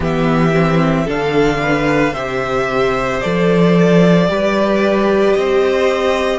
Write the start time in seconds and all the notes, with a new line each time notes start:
0.00 E3 B3 G4 E5
0.53 C4
1.04 D3 D4 A4 F5
1.62 B4
2.13 C3 G4 C5 E5
3.21 F3 A4 D5
4.28 G3 G4 B4
5.34 C4 C5 D#5